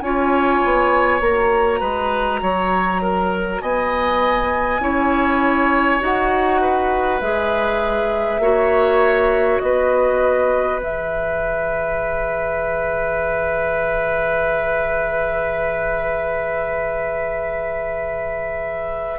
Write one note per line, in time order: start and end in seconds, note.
0.00 0.61 C#4
0.00 1.21 F4
0.00 1.79 C#5
0.00 1.20 G#5
0.64 1.20 B3
1.20 1.80 A#3
1.20 4.80 F#4
1.20 3.61 A#5
1.79 2.41 G#3
1.79 2.40 B4
2.42 3.62 F#3
2.42 3.02 C#5
3.02 3.62 A#4
3.61 4.79 B3
3.61 4.82 D#5
3.61 6.01 G#5
4.79 5.99 C#4
4.79 6.00 E4
4.79 6.61 C#5
6.00 7.21 D#4
6.00 7.20 F#4
6.00 7.20 F#5
6.61 8.41 B4
7.20 8.39 G#3
7.20 8.42 G#4
7.20 9.60 E5
8.39 9.59 A#3
8.39 10.80 F#4
8.39 9.62 C#5
9.60 10.82 B3
9.60 19.19 B4
9.60 10.79 D#5
10.80 19.19 E3
10.80 19.19 G#4
10.80 19.19 E5